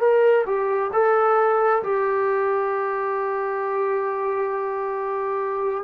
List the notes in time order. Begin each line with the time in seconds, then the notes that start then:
0.00 A#4
0.46 G4
0.93 A4
1.83 G4